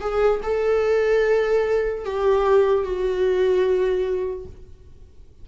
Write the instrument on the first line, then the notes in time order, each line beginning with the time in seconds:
viola
0.00 G#4
0.42 A4
2.05 G4
2.83 F#4